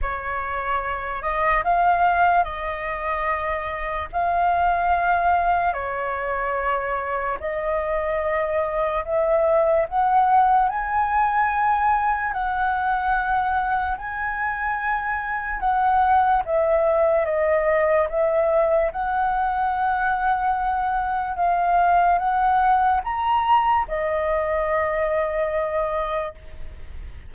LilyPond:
\new Staff \with { instrumentName = "flute" } { \time 4/4 \tempo 4 = 73 cis''4. dis''8 f''4 dis''4~ | dis''4 f''2 cis''4~ | cis''4 dis''2 e''4 | fis''4 gis''2 fis''4~ |
fis''4 gis''2 fis''4 | e''4 dis''4 e''4 fis''4~ | fis''2 f''4 fis''4 | ais''4 dis''2. | }